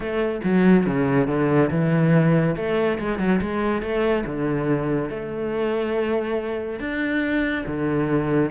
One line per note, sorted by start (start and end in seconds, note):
0.00 0.40 A3
0.44 0.86 F#3
0.86 1.27 C#3
1.27 1.69 D3
1.70 2.55 E3
2.56 2.98 A3
2.98 3.19 G#3
3.19 3.40 F#3
3.41 3.82 G#3
3.82 4.24 A3
4.26 5.09 D3
5.09 6.79 A3
6.79 7.64 D4
7.66 8.50 D3